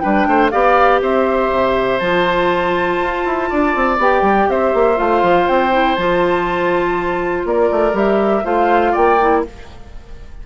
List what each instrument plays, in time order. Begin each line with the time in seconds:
0.00 bassoon G3, clarinet D4, oboe B4, flute G5
0.27 bassoon A3, oboe C5
0.51 bassoon B3, clarinet G4, oboe D5, flute F5
1.02 bassoon C4, oboe C5, flute E5
1.51 bassoon C3
2.00 bassoon F3, clarinet F4, flute A5
3.01 bassoon F4
3.26 bassoon E4
3.50 bassoon D4, oboe D5
3.76 bassoon C4
3.99 bassoon B3, clarinet G4, flute G5
4.22 bassoon G3
4.49 bassoon C4, oboe C5, flute E5
4.74 bassoon A#3
4.96 bassoon A3, clarinet F4, flute F5
5.23 bassoon F3
5.48 bassoon C4, flute G5
5.72 clarinet E4
5.96 bassoon F3, clarinet F4, flute A5
7.45 bassoon A#3, oboe A#4, flute D5
7.72 bassoon A3
7.93 bassoon G3, clarinet G4, flute E5
8.45 bassoon A3, clarinet F4, oboe C5, flute F5
8.92 bassoon A#3, oboe D5, flute G5
9.21 clarinet E4